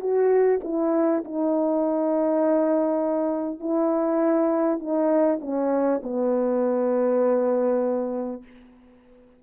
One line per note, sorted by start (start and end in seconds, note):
0.00 0.60 F#4
0.64 1.24 E4
1.25 3.60 D#4
3.60 4.79 E4
4.79 5.39 D#4
5.42 6.02 C#4
6.03 8.43 B3